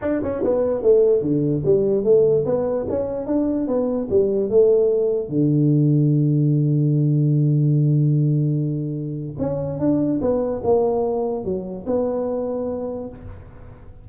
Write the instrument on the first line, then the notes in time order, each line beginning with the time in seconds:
tuba
0.01 D4
0.22 C#4
0.43 B3
0.81 A3
1.21 D3
1.64 G3
2.04 A3
2.45 B3
2.89 C#4
3.26 D4
3.67 B3
4.10 G3
4.49 A3
5.28 D3
9.38 C#4
9.79 D4
10.21 B3
10.63 A#3
11.44 F#3
11.86 B3